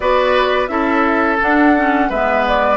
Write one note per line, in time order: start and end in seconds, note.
0.00 0.68 B3
0.00 0.68 F#4
0.00 0.70 B4
0.00 0.67 D5
0.67 1.38 C#4
0.67 1.37 E4
0.67 2.09 A4
0.67 1.37 E5
1.41 1.76 D4
1.41 2.10 D4
1.41 2.10 F#5
1.76 2.11 C#4
2.09 2.76 G#3
2.09 2.76 B3
2.09 2.76 B4
2.09 2.45 E5
2.47 2.76 D5